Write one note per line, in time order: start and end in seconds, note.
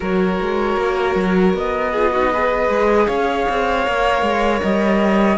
0.00 0.40 F#3
0.00 1.91 F#4
0.00 1.91 A#4
0.00 1.56 C#5
0.40 0.76 G#3
0.76 1.15 A#3
1.15 1.53 F#3
1.53 2.68 B3
1.53 3.07 D#5
1.91 2.14 F4
1.91 2.11 G#4
2.11 2.33 D#4
2.11 2.30 F#4
2.32 3.85 G#4
2.32 3.07 B4
2.68 3.07 G#3
3.07 3.46 C#4
3.07 5.37 C#5
3.07 4.60 F5
3.48 3.86 C4
3.85 4.22 A#3
3.85 5.37 A#4
4.22 4.60 G#3
4.61 5.37 G3
4.61 5.37 D#5